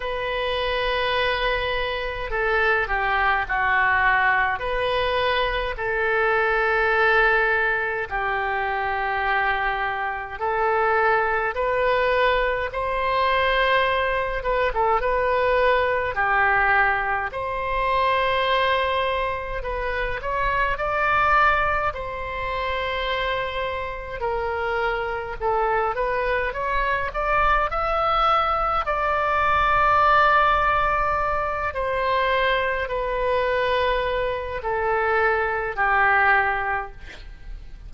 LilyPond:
\new Staff \with { instrumentName = "oboe" } { \time 4/4 \tempo 4 = 52 b'2 a'8 g'8 fis'4 | b'4 a'2 g'4~ | g'4 a'4 b'4 c''4~ | c''8 b'16 a'16 b'4 g'4 c''4~ |
c''4 b'8 cis''8 d''4 c''4~ | c''4 ais'4 a'8 b'8 cis''8 d''8 | e''4 d''2~ d''8 c''8~ | c''8 b'4. a'4 g'4 | }